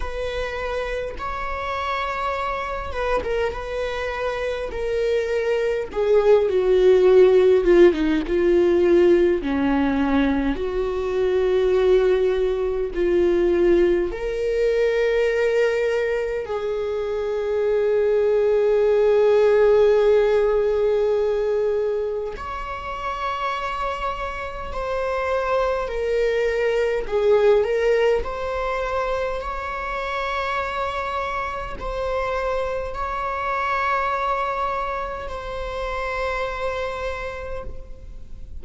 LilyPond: \new Staff \with { instrumentName = "viola" } { \time 4/4 \tempo 4 = 51 b'4 cis''4. b'16 ais'16 b'4 | ais'4 gis'8 fis'4 f'16 dis'16 f'4 | cis'4 fis'2 f'4 | ais'2 gis'2~ |
gis'2. cis''4~ | cis''4 c''4 ais'4 gis'8 ais'8 | c''4 cis''2 c''4 | cis''2 c''2 | }